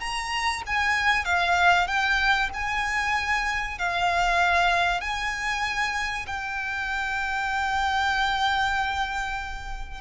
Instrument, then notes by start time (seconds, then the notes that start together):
violin
0.00 A#5
0.67 G#5
1.25 F5
1.87 G5
2.54 G#5
3.78 F5
5.01 G#5
6.27 G5